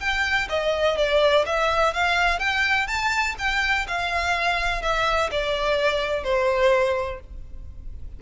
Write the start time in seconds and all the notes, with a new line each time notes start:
0.00 G5
0.49 D#5
0.97 D5
1.46 E5
1.94 F5
2.39 G5
2.87 A5
3.39 G5
3.88 F5
4.82 E5
5.31 D5
6.24 C5